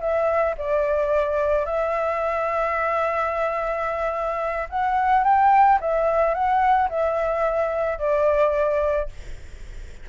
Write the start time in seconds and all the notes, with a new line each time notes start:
0.00 E5
0.58 D5
1.65 E5
4.69 F#5
5.24 G5
5.80 E5
6.34 F#5
6.90 E5
7.99 D5